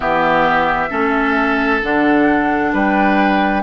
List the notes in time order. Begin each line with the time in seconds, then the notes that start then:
0.00 E3 B3 G4 E5
0.89 A3 C#4 A4
1.82 D3 D4 F#5
2.73 G3 B4 G5